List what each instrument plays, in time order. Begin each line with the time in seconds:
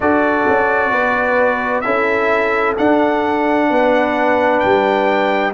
0.00 tuba D4, trombone F#4, horn A4, trumpet D5
0.47 tuba C#4
0.91 tuba B3, horn B4
1.80 tuba C#4, trombone E4, horn A4, trumpet E5
2.77 trombone D4, tuba D4, trumpet F#5
3.69 tuba B3, horn B4
4.59 tuba G3, trumpet G5